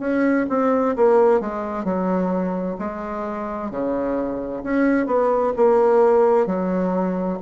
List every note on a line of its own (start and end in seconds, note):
0.00 0.46 C#4
0.50 0.96 C4
0.96 1.41 A#3
1.41 1.85 G#3
1.85 2.77 F#3
2.79 3.71 G#3
3.71 4.63 C#3
4.64 5.07 C#4
5.07 5.53 B3
5.57 6.47 A#3
6.47 7.39 F#3